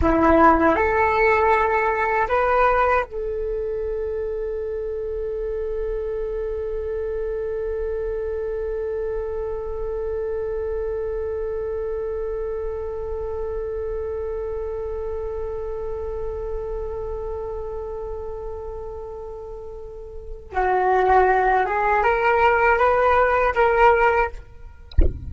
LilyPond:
\new Staff \with { instrumentName = "flute" } { \time 4/4 \tempo 4 = 79 e'4 a'2 b'4 | a'1~ | a'1~ | a'1~ |
a'1~ | a'1~ | a'2. fis'4~ | fis'8 gis'8 ais'4 b'4 ais'4 | }